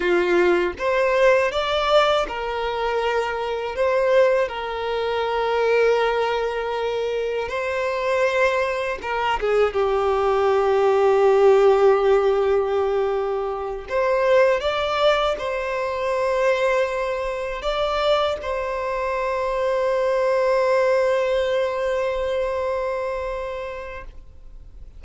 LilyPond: \new Staff \with { instrumentName = "violin" } { \time 4/4 \tempo 4 = 80 f'4 c''4 d''4 ais'4~ | ais'4 c''4 ais'2~ | ais'2 c''2 | ais'8 gis'8 g'2.~ |
g'2~ g'8 c''4 d''8~ | d''8 c''2. d''8~ | d''8 c''2.~ c''8~ | c''1 | }